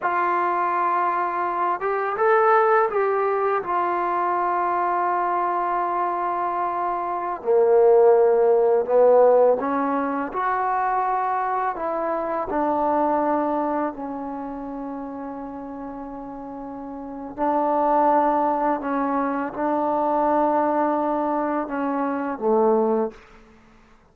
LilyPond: \new Staff \with { instrumentName = "trombone" } { \time 4/4 \tempo 4 = 83 f'2~ f'8 g'8 a'4 | g'4 f'2.~ | f'2~ f'16 ais4.~ ais16~ | ais16 b4 cis'4 fis'4.~ fis'16~ |
fis'16 e'4 d'2 cis'8.~ | cis'1 | d'2 cis'4 d'4~ | d'2 cis'4 a4 | }